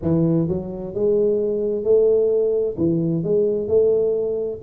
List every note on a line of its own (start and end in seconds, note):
0.02 0.48 E3
0.48 0.94 F#3
0.94 1.83 G#3
1.83 2.76 A3
2.77 3.23 E3
3.23 3.68 G#3
3.68 4.60 A3